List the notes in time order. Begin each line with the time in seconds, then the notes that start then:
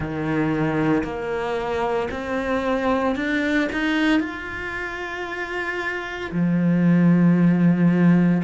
0.00 D#3
1.03 A#3
2.11 C4
3.15 D4
3.72 D#4
4.20 F4
6.32 F3